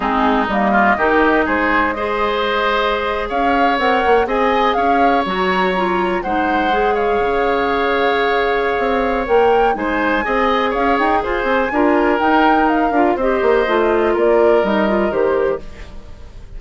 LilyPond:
<<
  \new Staff \with { instrumentName = "flute" } { \time 4/4 \tempo 4 = 123 gis'4 dis''2 c''4 | dis''2~ dis''8. f''4 fis''16~ | fis''8. gis''4 f''4 ais''4~ ais''16~ | ais''8. fis''4. f''4.~ f''16~ |
f''2. g''4 | gis''2 f''8 g''8 gis''4~ | gis''4 g''4 f''4 dis''4~ | dis''4 d''4 dis''4 c''4 | }
  \new Staff \with { instrumentName = "oboe" } { \time 4/4 dis'4. f'8 g'4 gis'4 | c''2~ c''8. cis''4~ cis''16~ | cis''8. dis''4 cis''2~ cis''16~ | cis''8. c''4. cis''4.~ cis''16~ |
cis''1 | c''4 dis''4 cis''4 c''4 | ais'2. c''4~ | c''4 ais'2. | }
  \new Staff \with { instrumentName = "clarinet" } { \time 4/4 c'4 ais4 dis'2 | gis'2.~ gis'8. ais'16~ | ais'8. gis'2 fis'4 f'16~ | f'8. dis'4 gis'2~ gis'16~ |
gis'2. ais'4 | dis'4 gis'2. | f'4 dis'4. f'8 g'4 | f'2 dis'8 f'8 g'4 | }
  \new Staff \with { instrumentName = "bassoon" } { \time 4/4 gis4 g4 dis4 gis4~ | gis2~ gis8. cis'4 c'16~ | c'16 ais8 c'4 cis'4 fis4~ fis16~ | fis8. gis2 cis4~ cis16~ |
cis2 c'4 ais4 | gis4 c'4 cis'8 dis'8 f'8 c'8 | d'4 dis'4. d'8 c'8 ais8 | a4 ais4 g4 dis4 | }
>>